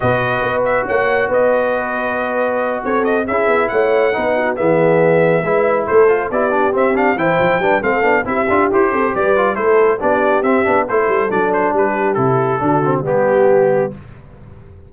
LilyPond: <<
  \new Staff \with { instrumentName = "trumpet" } { \time 4/4 \tempo 4 = 138 dis''4. e''8 fis''4 dis''4~ | dis''2~ dis''8 cis''8 dis''8 e''8~ | e''8 fis''2 e''4.~ | e''4. c''4 d''4 e''8 |
f''8 g''4. f''4 e''4 | c''4 d''4 c''4 d''4 | e''4 c''4 d''8 c''8 b'4 | a'2 g'2 | }
  \new Staff \with { instrumentName = "horn" } { \time 4/4 b'2 cis''4 b'4~ | b'2~ b'8 a'4 gis'8~ | gis'8 cis''4 b'8 fis'8 gis'4.~ | gis'8 b'4 a'4 g'4.~ |
g'8 c''4 b'8 a'4 g'4~ | g'8 a'8 b'4 a'4 g'4~ | g'4 a'2 g'4~ | g'4 fis'4 g'2 | }
  \new Staff \with { instrumentName = "trombone" } { \time 4/4 fis'1~ | fis'2.~ fis'8 e'8~ | e'4. dis'4 b4.~ | b8 e'4. f'8 e'8 d'8 c'8 |
d'8 e'4 d'8 c'8 d'8 e'8 f'8 | g'4. f'8 e'4 d'4 | c'8 d'8 e'4 d'2 | e'4 d'8 c'8 b2 | }
  \new Staff \with { instrumentName = "tuba" } { \time 4/4 b,4 b4 ais4 b4~ | b2~ b8 c'4 cis'8 | b8 a4 b4 e4.~ | e8 gis4 a4 b4 c'8~ |
c'8 e8 f8 g8 a8 b8 c'8 d'8 | e'8 c'8 g4 a4 b4 | c'8 b8 a8 g8 fis4 g4 | c4 d4 g2 | }
>>